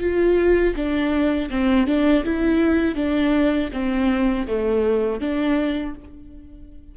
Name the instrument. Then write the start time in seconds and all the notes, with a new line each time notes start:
viola
0.00 F4
0.75 D4
1.50 C4
1.87 D4
2.24 E4
2.95 D4
3.73 C4
4.47 A3
5.20 D4